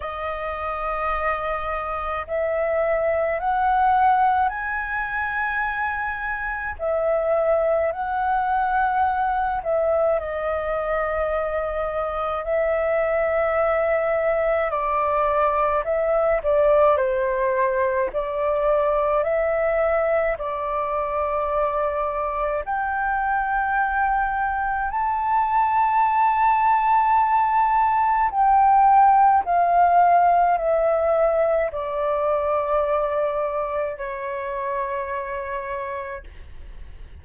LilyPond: \new Staff \with { instrumentName = "flute" } { \time 4/4 \tempo 4 = 53 dis''2 e''4 fis''4 | gis''2 e''4 fis''4~ | fis''8 e''8 dis''2 e''4~ | e''4 d''4 e''8 d''8 c''4 |
d''4 e''4 d''2 | g''2 a''2~ | a''4 g''4 f''4 e''4 | d''2 cis''2 | }